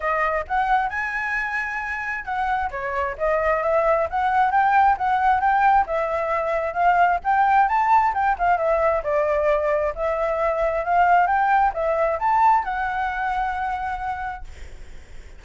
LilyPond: \new Staff \with { instrumentName = "flute" } { \time 4/4 \tempo 4 = 133 dis''4 fis''4 gis''2~ | gis''4 fis''4 cis''4 dis''4 | e''4 fis''4 g''4 fis''4 | g''4 e''2 f''4 |
g''4 a''4 g''8 f''8 e''4 | d''2 e''2 | f''4 g''4 e''4 a''4 | fis''1 | }